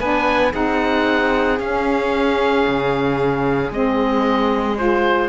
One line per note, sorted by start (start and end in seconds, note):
0.00 0.54 B3
0.00 0.52 D4
0.00 0.52 B4
0.00 0.53 G#5
0.52 1.60 C4
0.52 1.58 D#4
0.52 5.29 G#4
0.52 1.60 F#5
1.60 2.66 C#4
1.60 3.72 C#4
1.60 3.73 F5
2.67 3.71 C#3
3.71 5.29 G#3
3.71 4.77 C4
3.71 4.78 D#5
4.77 5.29 F4
4.77 5.29 C5